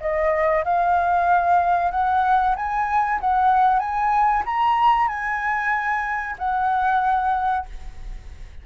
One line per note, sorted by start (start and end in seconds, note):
0.00 0.64 D#5
0.64 1.91 F5
1.91 2.55 F#5
2.56 3.19 G#5
3.20 3.79 F#5
3.79 4.43 G#5
4.45 5.08 A#5
5.08 6.35 G#5
6.38 7.65 F#5